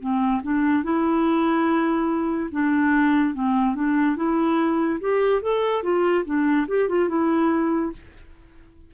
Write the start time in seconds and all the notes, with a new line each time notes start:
0.00 C4
0.42 D4
0.83 E4
2.51 D4
3.34 C4
3.75 D4
4.16 E4
5.00 G4
5.41 A4
5.83 F4
6.25 D4
6.67 G4
6.88 F4
7.08 E4